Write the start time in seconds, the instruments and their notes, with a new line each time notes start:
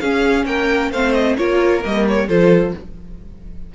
0.00 cello C#4, viola C#4, violin G#4 F5
0.46 cello A#3, violin A#4 G5
0.92 cello A3, viola C4, violin C5 F5
1.13 violin D#5
1.37 cello A#3, viola F4, violin A#4 C#5
1.82 cello G3, viola A#3, violin D#5
2.09 violin C#5
2.27 cello F3, viola F4, violin A4 C5